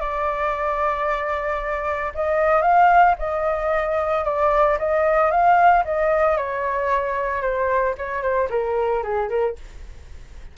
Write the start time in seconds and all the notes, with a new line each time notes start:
0.00 D5
2.14 D#5
2.62 F5
3.19 D#5
4.25 D5
4.78 D#5
5.30 F5
5.84 D#5
6.37 C#5
7.41 C5
7.97 C#5
8.22 C5
8.50 A#4
9.03 G#4
9.29 A#4